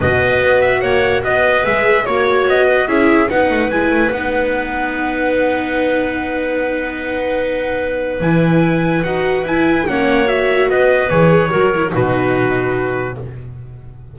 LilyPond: <<
  \new Staff \with { instrumentName = "trumpet" } { \time 4/4 \tempo 4 = 146 dis''4. e''8 fis''4 dis''4 | e''4 cis''4 dis''4 e''4 | fis''4 gis''4 fis''2~ | fis''1~ |
fis''1 | gis''2 fis''4 gis''4 | fis''4 e''4 dis''4 cis''4~ | cis''4 b'2. | }
  \new Staff \with { instrumentName = "clarinet" } { \time 4/4 b'2 cis''4 b'4~ | b'4 cis''4. b'8 gis'4 | b'1~ | b'1~ |
b'1~ | b'1 | cis''2 b'2 | ais'4 fis'2. | }
  \new Staff \with { instrumentName = "viola" } { \time 4/4 fis'1 | gis'4 fis'2 e'4 | dis'4 e'4 dis'2~ | dis'1~ |
dis'1 | e'2 fis'4 e'4 | cis'4 fis'2 gis'4 | fis'8 e'8 dis'2. | }
  \new Staff \with { instrumentName = "double bass" } { \time 4/4 b,4 b4 ais4 b4 | gis4 ais4 b4 cis'4 | b8 a8 gis8 a8 b2~ | b1~ |
b1 | e2 dis'4 e'4 | ais2 b4 e4 | fis4 b,2. | }
>>